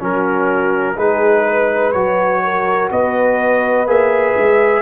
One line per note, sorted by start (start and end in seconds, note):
0.00 0.97 F#3
0.00 0.97 C#4
0.00 0.96 F#4
0.00 0.99 A#4
0.96 1.93 G#3
0.96 1.94 D#4
0.96 1.44 G#4
0.96 1.92 B4
1.47 2.44 B4
1.92 2.90 F#3
1.92 3.87 F#4
1.92 2.89 C#5
2.44 2.92 A#4
2.91 3.86 B3
2.91 4.82 B4
2.91 3.88 D#5
3.86 4.35 A#3
3.86 4.82 G#4
3.86 4.82 E5
4.38 4.82 G#3